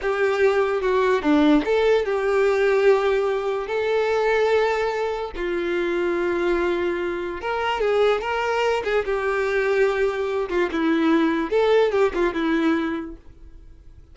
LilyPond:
\new Staff \with { instrumentName = "violin" } { \time 4/4 \tempo 4 = 146 g'2 fis'4 d'4 | a'4 g'2.~ | g'4 a'2.~ | a'4 f'2.~ |
f'2 ais'4 gis'4 | ais'4. gis'8 g'2~ | g'4. f'8 e'2 | a'4 g'8 f'8 e'2 | }